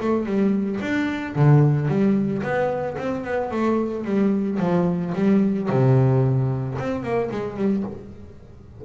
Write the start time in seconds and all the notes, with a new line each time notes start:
0.00 A3
0.26 G3
0.81 D4
1.35 D3
1.88 G3
2.42 B3
2.98 C4
3.24 B3
3.50 A3
4.04 G3
4.59 F3
5.14 G3
5.69 C3
6.78 C4
7.03 A#3
7.31 G#3
7.56 G3